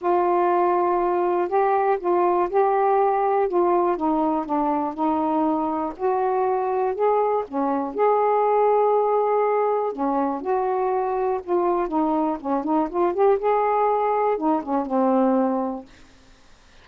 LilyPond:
\new Staff \with { instrumentName = "saxophone" } { \time 4/4 \tempo 4 = 121 f'2. g'4 | f'4 g'2 f'4 | dis'4 d'4 dis'2 | fis'2 gis'4 cis'4 |
gis'1 | cis'4 fis'2 f'4 | dis'4 cis'8 dis'8 f'8 g'8 gis'4~ | gis'4 dis'8 cis'8 c'2 | }